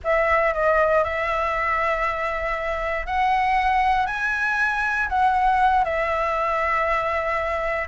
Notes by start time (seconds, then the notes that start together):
0.04 E5
0.53 D#5
1.04 E5
3.06 F#5
4.06 G#5
5.08 F#5
5.84 E5